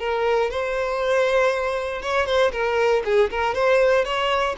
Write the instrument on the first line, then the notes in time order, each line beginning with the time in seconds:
violin
0.00 A#4
0.51 C5
2.02 C#5
2.26 C5
2.52 A#4
3.05 G#4
3.31 A#4
3.55 C5
4.05 C#5